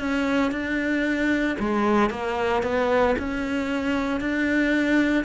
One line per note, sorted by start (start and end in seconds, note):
0.00 0.52 C#4
0.52 1.57 D4
1.59 2.10 G#3
2.10 2.63 A#3
2.63 3.16 B3
3.19 4.21 C#4
4.21 5.24 D4